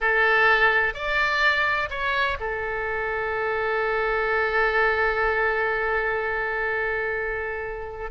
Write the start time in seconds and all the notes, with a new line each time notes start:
0.00 A4
0.94 D5
1.89 C#5
2.39 A4